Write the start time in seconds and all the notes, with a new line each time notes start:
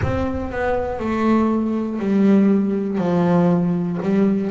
0.02 C4
0.51 B3
0.99 A3
1.99 G3
2.98 F3
4.02 G3